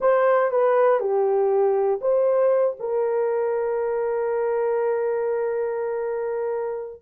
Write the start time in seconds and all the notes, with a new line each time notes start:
0.00 C5
0.50 B4
1.00 G4
2.01 C5
2.79 A#4